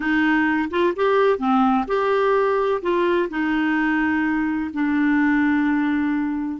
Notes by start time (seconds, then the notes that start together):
0.00 D#4
0.70 F4
0.96 G4
1.38 C4
1.87 G4
2.82 F4
3.30 D#4
4.73 D4